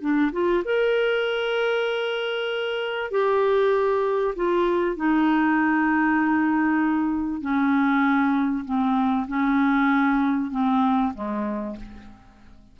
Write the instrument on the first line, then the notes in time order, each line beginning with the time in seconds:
clarinet
0.00 D4
0.32 F4
0.64 A#4
3.10 G4
4.36 F4
4.96 D#4
7.41 C#4
8.65 C4
9.27 C#4
10.51 C4
11.14 G#3